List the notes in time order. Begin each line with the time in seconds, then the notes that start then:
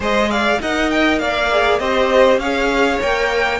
0.00 G#3 G#4 C5 D#5
0.30 D5 F5
0.61 D#4 A#4 D#5 F#5
0.90 G5
1.19 A#3 D5 F5
1.51 G#4
1.79 C4 G4 C5 D#5
2.37 C#4 G#4 C#5 F5
3.01 A#3 A#4 G5